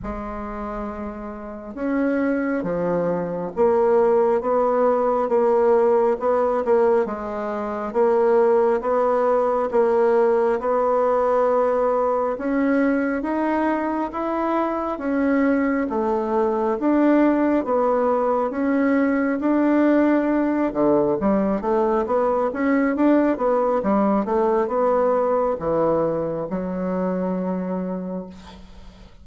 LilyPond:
\new Staff \with { instrumentName = "bassoon" } { \time 4/4 \tempo 4 = 68 gis2 cis'4 f4 | ais4 b4 ais4 b8 ais8 | gis4 ais4 b4 ais4 | b2 cis'4 dis'4 |
e'4 cis'4 a4 d'4 | b4 cis'4 d'4. d8 | g8 a8 b8 cis'8 d'8 b8 g8 a8 | b4 e4 fis2 | }